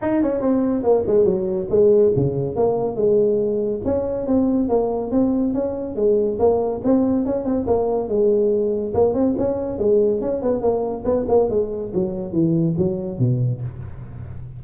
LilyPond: \new Staff \with { instrumentName = "tuba" } { \time 4/4 \tempo 4 = 141 dis'8 cis'8 c'4 ais8 gis8 fis4 | gis4 cis4 ais4 gis4~ | gis4 cis'4 c'4 ais4 | c'4 cis'4 gis4 ais4 |
c'4 cis'8 c'8 ais4 gis4~ | gis4 ais8 c'8 cis'4 gis4 | cis'8 b8 ais4 b8 ais8 gis4 | fis4 e4 fis4 b,4 | }